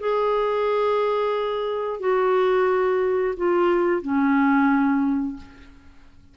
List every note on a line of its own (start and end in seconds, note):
0.00 2.00 G#4
2.00 3.35 F#4
3.37 4.02 F4
4.02 5.37 C#4